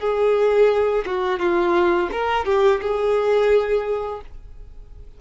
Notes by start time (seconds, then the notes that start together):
0.00 G#4
1.06 F#4
1.40 F4
2.12 A#4
2.46 G4
2.82 G#4